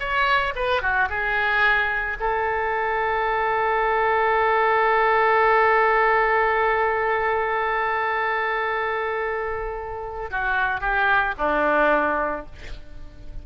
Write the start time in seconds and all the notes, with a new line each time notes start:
0.00 C#5
0.56 B4
0.82 F#4
1.10 G#4
2.20 A4
10.31 F#4
10.81 G4
11.38 D4